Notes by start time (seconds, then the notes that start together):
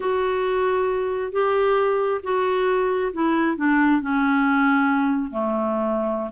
0.00 F#4
1.32 G4
2.23 F#4
3.13 E4
3.56 D4
4.01 C#4
5.31 A3